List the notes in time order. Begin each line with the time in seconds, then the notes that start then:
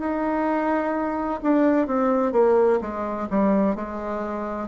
0.00 D#4
1.43 D4
1.87 C4
2.33 A#3
2.81 G#3
3.30 G3
3.76 G#3